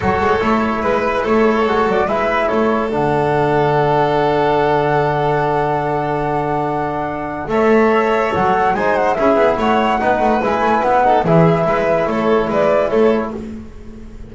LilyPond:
<<
  \new Staff \with { instrumentName = "flute" } { \time 4/4 \tempo 4 = 144 cis''2 b'4 cis''4~ | cis''8 d''8 e''4 cis''4 fis''4~ | fis''1~ | fis''1~ |
fis''2 e''2 | fis''4 gis''8 fis''8 e''4 fis''4~ | fis''4 gis''4 fis''4 e''4~ | e''4 cis''4 d''4 cis''4 | }
  \new Staff \with { instrumentName = "violin" } { \time 4/4 a'2 b'4 a'4~ | a'4 b'4 a'2~ | a'1~ | a'1~ |
a'2 cis''2~ | cis''4 c''4 gis'4 cis''4 | b'2~ b'8 a'8 gis'4 | b'4 a'4 b'4 a'4 | }
  \new Staff \with { instrumentName = "trombone" } { \time 4/4 fis'4 e'2. | fis'4 e'2 d'4~ | d'1~ | d'1~ |
d'2 a'2~ | a'4 dis'4 e'2 | dis'4 e'4. dis'8 e'4~ | e'1 | }
  \new Staff \with { instrumentName = "double bass" } { \time 4/4 fis8 gis8 a4 gis4 a4 | gis8 fis8 gis4 a4 d4~ | d1~ | d1~ |
d2 a2 | fis4 gis4 cis'8 b8 a4 | b8 a8 gis8 a8 b4 e4 | gis4 a4 gis4 a4 | }
>>